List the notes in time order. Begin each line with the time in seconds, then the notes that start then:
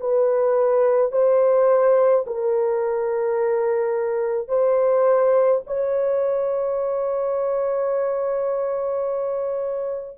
0.00 B4
1.12 C5
2.26 A#4
4.48 C5
5.67 C#5